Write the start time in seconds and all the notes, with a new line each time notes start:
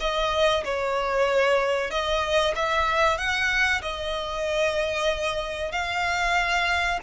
0.00 D#5
0.64 C#5
1.91 D#5
2.56 E5
3.18 F#5
3.82 D#5
5.72 F5